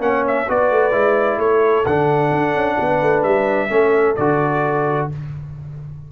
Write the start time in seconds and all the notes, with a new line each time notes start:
0.00 A#3 C#4 C#5 F#5
0.27 E5
0.49 B3 F#4 B4 D5
0.71 A3
0.92 G#3 E4
1.38 A3 A4 C#5
1.86 D3 D4 F#5
2.31 D4
2.55 C#4
2.77 B3 B4
3.02 A3
3.23 G3 E5
3.70 A3 C#4 A4
4.16 D3 F#4 D5